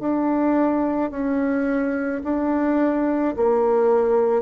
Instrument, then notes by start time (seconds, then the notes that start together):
bassoon
0.00 D4
1.11 C#4
2.24 D4
3.36 A#3